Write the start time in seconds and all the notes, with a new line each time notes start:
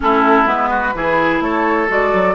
0.00 A3 C#4 E4 A4
0.45 G#3 B3 B4
0.70 F#4
0.94 E3 E4 G#4
1.40 A3 A4 C#5
1.88 G#3 F#4 D5
2.13 F#3